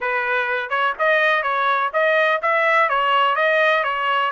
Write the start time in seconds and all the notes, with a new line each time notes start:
0.00 B4
0.69 C#5
0.98 D#5
1.42 C#5
1.93 D#5
2.42 E5
2.89 C#5
3.35 D#5
3.83 C#5